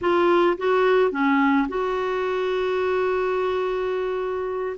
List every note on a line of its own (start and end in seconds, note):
0.01 0.57 F4
0.57 1.11 F#4
1.11 1.67 C#4
1.68 4.76 F#4